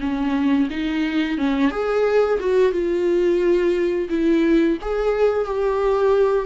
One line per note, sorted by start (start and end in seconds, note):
0.00 0.68 C#4
0.70 1.38 D#4
1.38 1.70 C#4
1.70 2.39 G#4
2.40 2.72 F#4
2.72 4.08 F4
4.09 4.77 E4
4.81 5.45 G#4
5.45 6.46 G4